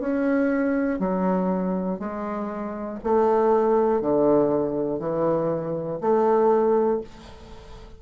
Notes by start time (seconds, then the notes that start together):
0.00 C#4
1.00 F#3
1.99 G#3
3.04 A3
4.01 D3
4.99 E3
6.00 A3